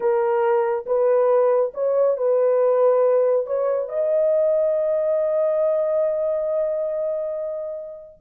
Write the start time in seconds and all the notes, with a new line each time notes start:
0.00 A#4
0.86 B4
1.74 C#5
2.17 B4
3.46 C#5
3.88 D#5